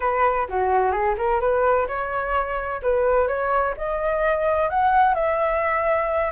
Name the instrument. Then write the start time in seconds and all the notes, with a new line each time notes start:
flute
0.00 B4
0.48 F#4
0.91 G#4
1.17 A#4
1.40 B4
1.87 C#5
2.82 B4
3.27 C#5
3.77 D#5
4.69 F#5
5.14 E5